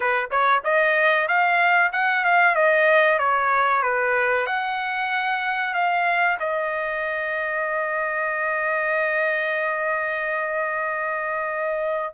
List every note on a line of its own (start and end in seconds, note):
0.00 0.29 B4
0.30 0.62 C#5
0.64 1.28 D#5
1.28 1.91 F5
1.92 2.24 F#5
2.24 2.55 F5
2.55 3.18 D#5
3.18 3.82 C#5
3.82 4.46 B4
4.46 5.74 F#5
5.74 6.37 F5
6.39 12.14 D#5